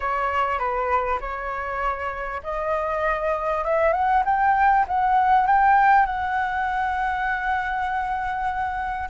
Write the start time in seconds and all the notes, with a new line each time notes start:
0.00 C#5
0.58 B4
1.20 C#5
2.43 D#5
3.64 E5
3.93 F#5
4.25 G5
4.88 F#5
5.46 G5
6.06 F#5